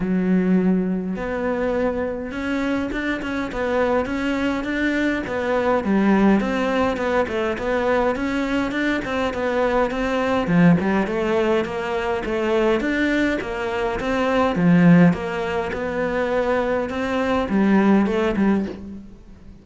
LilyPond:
\new Staff \with { instrumentName = "cello" } { \time 4/4 \tempo 4 = 103 fis2 b2 | cis'4 d'8 cis'8 b4 cis'4 | d'4 b4 g4 c'4 | b8 a8 b4 cis'4 d'8 c'8 |
b4 c'4 f8 g8 a4 | ais4 a4 d'4 ais4 | c'4 f4 ais4 b4~ | b4 c'4 g4 a8 g8 | }